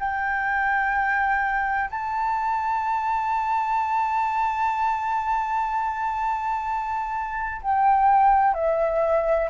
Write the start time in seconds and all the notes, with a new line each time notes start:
0.00 G5
1.90 A5
7.62 G5
8.55 E5